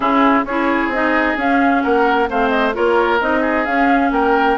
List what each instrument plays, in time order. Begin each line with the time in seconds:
0.00 bassoon C#3, clarinet C#4, oboe E4, flute G#4
0.44 bassoon C#4, clarinet E4, oboe G#4, flute C#5
0.87 bassoon C4, flute D#5
0.94 clarinet D#4
1.37 bassoon C#4, clarinet C#4, flute F5
1.83 bassoon A#3, oboe A#4, flute F#5
2.29 bassoon A3, clarinet C4, oboe C5, flute F5
2.49 flute D#5
2.73 bassoon A#3, clarinet F4, oboe A#4, flute C#5
3.20 bassoon C4, clarinet D#4, flute D#5
3.41 oboe G#4
3.65 bassoon C#4, clarinet C#4, flute F5
4.11 bassoon A#3, oboe A#4, flute G5